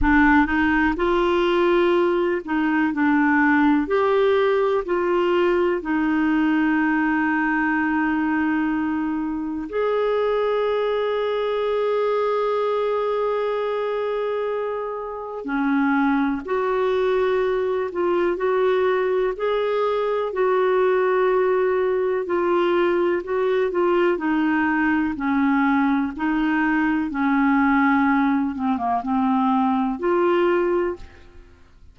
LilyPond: \new Staff \with { instrumentName = "clarinet" } { \time 4/4 \tempo 4 = 62 d'8 dis'8 f'4. dis'8 d'4 | g'4 f'4 dis'2~ | dis'2 gis'2~ | gis'1 |
cis'4 fis'4. f'8 fis'4 | gis'4 fis'2 f'4 | fis'8 f'8 dis'4 cis'4 dis'4 | cis'4. c'16 ais16 c'4 f'4 | }